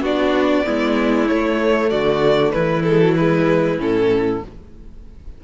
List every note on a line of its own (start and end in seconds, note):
0.00 0.62 B3
0.00 0.64 D4
0.00 0.65 F#4
0.00 1.28 D5
0.64 1.31 G#3
0.64 1.27 B3
0.64 1.90 E4
1.28 2.84 A3
1.28 1.92 A3
1.28 1.90 C#5
1.90 2.54 D3
1.90 2.52 F#4
1.90 2.51 D5
2.51 3.78 E3
2.51 4.41 E4
2.51 2.83 B4
2.83 3.01 G#3
2.83 3.15 A4
3.01 3.17 F#3
3.16 3.79 G#3
3.16 3.79 B4
3.78 4.41 A2
3.78 4.42 C#4
3.78 4.44 A4